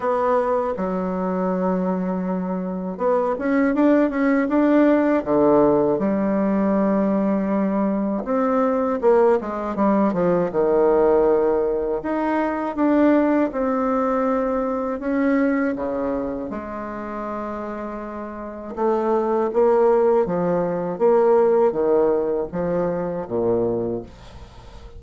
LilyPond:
\new Staff \with { instrumentName = "bassoon" } { \time 4/4 \tempo 4 = 80 b4 fis2. | b8 cis'8 d'8 cis'8 d'4 d4 | g2. c'4 | ais8 gis8 g8 f8 dis2 |
dis'4 d'4 c'2 | cis'4 cis4 gis2~ | gis4 a4 ais4 f4 | ais4 dis4 f4 ais,4 | }